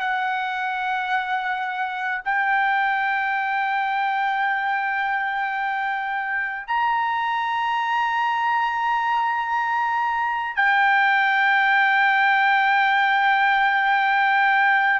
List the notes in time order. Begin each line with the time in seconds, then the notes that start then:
0.00 F#5
2.25 G5
6.67 A#5
10.56 G5